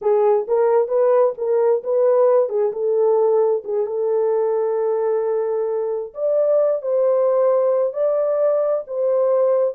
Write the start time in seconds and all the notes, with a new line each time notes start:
0.01 G#4
0.47 A#4
0.88 B4
1.37 A#4
1.83 B4
2.49 G#4
2.72 A4
3.64 G#4
3.86 A4
6.13 D5
6.82 C5
7.93 D5
8.87 C5